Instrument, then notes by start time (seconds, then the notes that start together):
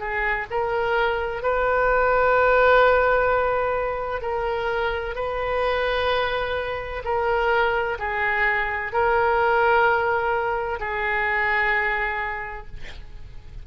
oboe
0.00 G#4
0.51 A#4
1.43 B4
4.22 A#4
5.16 B4
7.05 A#4
7.99 G#4
8.93 A#4
10.80 G#4